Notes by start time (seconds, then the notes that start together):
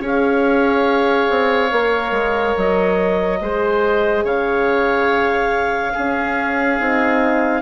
0.00 C#4 G#4 C#5
0.06 F5
1.30 C4
1.71 A#3 A#4
2.11 G#3
2.57 F#3 D#5
3.41 G#3 G#4 C5
4.24 C#3 C#5 F5
5.94 C#4 G#4
6.78 C4 D#4